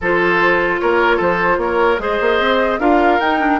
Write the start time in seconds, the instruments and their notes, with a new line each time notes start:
0.01 bassoon F3, clarinet F4, oboe A4, flute C5
0.79 bassoon A#3, oboe A#4, flute C#5
1.16 bassoon F3, oboe A4, flute C5
1.57 bassoon A#3, oboe A#4, flute C#5
1.98 bassoon G#3, clarinet G#4, oboe C5, flute D#5
2.20 bassoon A#3
2.39 bassoon C4
2.79 bassoon D4, clarinet F4, oboe A#4, flute F5
3.19 bassoon D#4, clarinet D#4, flute G5
3.39 clarinet D4